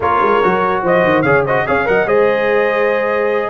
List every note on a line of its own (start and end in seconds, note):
0.00 0.20 A#3
0.00 0.42 F4
0.00 0.82 A#4
0.00 0.84 C#5
0.21 0.42 G#3
0.42 0.83 F#3
0.42 1.25 F#4
0.82 1.04 F3
0.82 1.24 C5
0.82 1.21 D#5
1.04 1.23 D#3
1.21 1.64 C#3
1.21 1.46 G#4
1.21 1.44 C#5
1.21 1.42 F5
1.45 1.66 F#4
1.45 1.66 C5
1.45 1.67 D#5
1.66 1.88 C#4
1.66 1.85 G#4
1.66 1.87 C#5
1.66 1.87 F5
1.85 2.05 F#3
1.85 2.06 A#4
1.85 2.07 D#5
1.85 2.08 F#5
2.05 3.50 G#3
2.05 3.50 G#4
2.05 3.50 C5
2.05 3.50 D#5